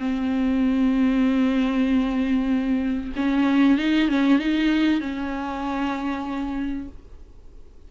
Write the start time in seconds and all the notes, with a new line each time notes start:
0.00 C4
3.16 C#4
3.78 D#4
4.09 C#4
4.39 D#4
5.01 C#4